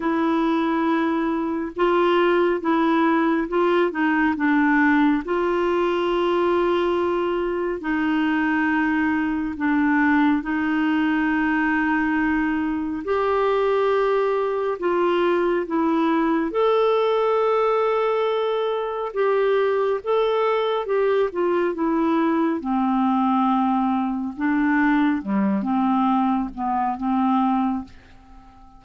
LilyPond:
\new Staff \with { instrumentName = "clarinet" } { \time 4/4 \tempo 4 = 69 e'2 f'4 e'4 | f'8 dis'8 d'4 f'2~ | f'4 dis'2 d'4 | dis'2. g'4~ |
g'4 f'4 e'4 a'4~ | a'2 g'4 a'4 | g'8 f'8 e'4 c'2 | d'4 g8 c'4 b8 c'4 | }